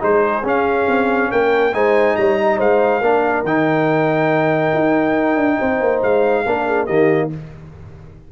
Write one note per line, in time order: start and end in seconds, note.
0.00 0.44 G#3
0.00 0.43 D#4
0.00 1.31 G#4
0.00 0.46 C5
0.44 0.87 C#4
0.44 1.73 C#4
0.44 1.32 F5
0.89 1.31 C4
1.32 1.74 A#3
1.32 1.74 A#4
1.32 1.75 G5
1.74 2.17 G#3
1.74 3.02 D#4
1.74 2.17 C5
1.74 2.17 G#5
2.17 2.60 G3
2.17 2.40 C#5
2.17 2.60 A#5
2.40 2.58 D#5
2.58 3.02 G#3
2.58 3.01 C5
2.58 3.46 F5
3.01 3.44 A#3
3.01 3.46 D4
3.01 5.58 A#4
3.44 4.72 D#3
3.44 6.47 D#4
3.44 6.03 G5
4.75 5.36 D#4
5.36 5.58 D4
5.59 5.81 C4
5.59 6.45 C5
5.81 6.03 A#3
6.03 6.46 G#3
6.03 6.87 F5
6.46 6.89 A#3
6.46 6.88 D4
6.46 6.67 A#4
6.67 6.86 G#4
6.86 7.32 D#3
6.86 7.31 A#3
6.86 7.29 G4
6.86 7.29 D#5